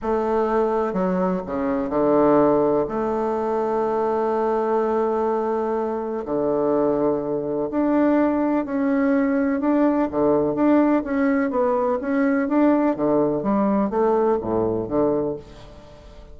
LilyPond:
\new Staff \with { instrumentName = "bassoon" } { \time 4/4 \tempo 4 = 125 a2 fis4 cis4 | d2 a2~ | a1~ | a4 d2. |
d'2 cis'2 | d'4 d4 d'4 cis'4 | b4 cis'4 d'4 d4 | g4 a4 a,4 d4 | }